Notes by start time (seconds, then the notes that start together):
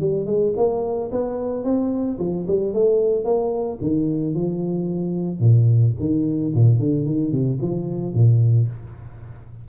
0.00 G3
0.26 G#3
0.56 A#3
1.12 B3
1.64 C4
2.19 F3
2.47 G3
2.74 A3
3.24 A#3
3.81 D#3
4.34 F3
5.40 A#2
6.00 D#3
6.55 A#2
6.79 D3
7.06 D#3
7.31 C3
7.61 F3
8.14 A#2